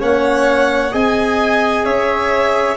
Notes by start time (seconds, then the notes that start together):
0.00 A#3 C#4 C#5 F#5
0.92 C4 G#4 D#5 G#5
1.85 C#4 C#5 E5